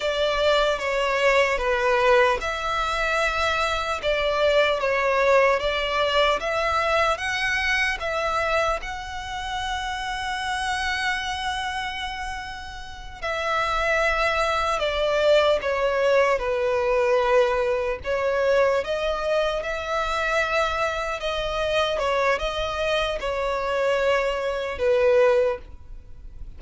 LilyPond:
\new Staff \with { instrumentName = "violin" } { \time 4/4 \tempo 4 = 75 d''4 cis''4 b'4 e''4~ | e''4 d''4 cis''4 d''4 | e''4 fis''4 e''4 fis''4~ | fis''1~ |
fis''8 e''2 d''4 cis''8~ | cis''8 b'2 cis''4 dis''8~ | dis''8 e''2 dis''4 cis''8 | dis''4 cis''2 b'4 | }